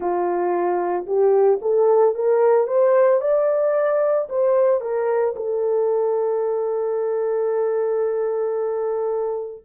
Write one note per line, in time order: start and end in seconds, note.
0.00 1.06 F4
1.06 1.59 G4
1.61 2.14 A4
2.14 2.67 A#4
2.67 3.20 C5
3.20 4.28 D5
4.29 4.81 C5
4.81 5.34 A#4
5.36 9.64 A4